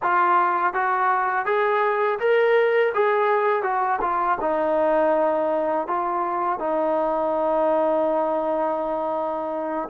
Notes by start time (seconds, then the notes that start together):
0.02 F4
0.73 F#4
1.45 G#4
2.19 A#4
2.94 G#4
3.63 F#4
4.01 F4
4.40 D#4
5.87 F4
6.59 D#4